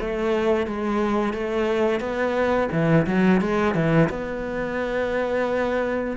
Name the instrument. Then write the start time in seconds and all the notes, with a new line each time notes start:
cello
0.00 A3
0.66 G#3
1.33 A3
2.00 B3
2.72 E3
3.06 F#3
3.41 G#3
3.74 E3
4.09 B3